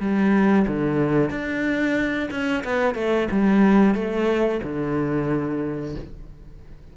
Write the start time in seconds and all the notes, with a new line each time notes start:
0.00 G3
0.67 D3
1.30 D4
2.31 C#4
2.64 B3
2.95 A3
3.31 G3
3.95 A3
4.63 D3